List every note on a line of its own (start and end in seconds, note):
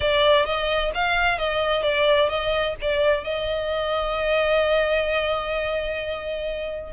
0.00 0.45 D5
0.45 0.91 D#5
0.94 1.38 F5
1.38 1.83 D#5
1.83 2.29 D5
2.29 2.75 D#5
2.81 3.24 D5
3.24 6.92 D#5